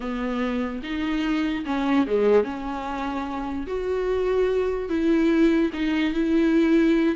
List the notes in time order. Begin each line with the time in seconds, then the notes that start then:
0.00 B3
0.83 D#4
1.65 C#4
2.06 G#3
2.44 C#4
3.66 F#4
4.89 E4
5.73 D#4
6.13 E4